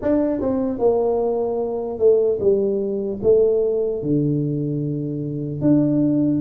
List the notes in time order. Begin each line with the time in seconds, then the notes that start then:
0.02 D4
0.40 C4
0.79 A#3
1.98 A3
2.40 G3
3.22 A3
4.02 D3
5.61 D4